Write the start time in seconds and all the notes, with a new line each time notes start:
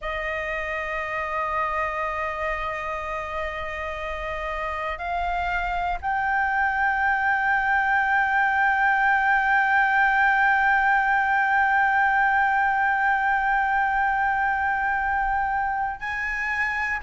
0.01 D#5
4.98 F5
6.01 G5
16.00 G#5